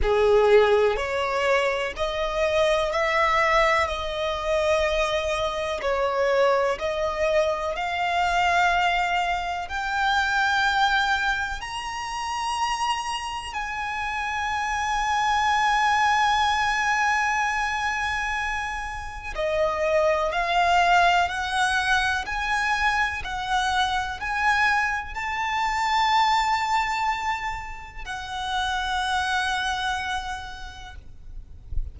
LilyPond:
\new Staff \with { instrumentName = "violin" } { \time 4/4 \tempo 4 = 62 gis'4 cis''4 dis''4 e''4 | dis''2 cis''4 dis''4 | f''2 g''2 | ais''2 gis''2~ |
gis''1 | dis''4 f''4 fis''4 gis''4 | fis''4 gis''4 a''2~ | a''4 fis''2. | }